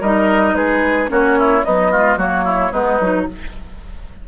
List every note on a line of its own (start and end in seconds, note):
0.00 0.55 G3
0.00 1.08 D#4
0.00 0.54 A#4
0.00 0.55 D#5
0.55 1.09 G#3
0.55 1.11 G#4
0.55 1.09 B4
1.08 1.65 A#3
1.08 1.62 C#4
1.08 1.38 F#4
1.08 1.65 C#5
1.38 1.65 E4
1.65 1.93 F#3
1.65 2.17 B3
1.65 1.91 D#4
1.65 2.19 D#5
1.91 2.18 G#3
1.91 2.18 F4
2.17 2.71 F#3
2.17 2.72 A#3
2.17 2.44 F#4
2.17 2.72 C#5
2.44 2.71 E4
2.71 2.99 G#3
2.71 2.99 B3
2.71 3.25 D#4
2.71 3.26 B4
3.00 3.27 F#3
3.00 3.28 D#4